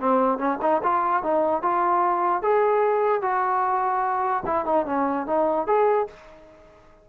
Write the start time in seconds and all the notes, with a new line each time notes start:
0.00 C4
0.38 C#4
0.62 D#4
0.83 F4
1.23 D#4
1.62 F4
2.43 G#4
3.22 F#4
4.46 E4
4.66 D#4
4.86 C#4
5.27 D#4
5.67 G#4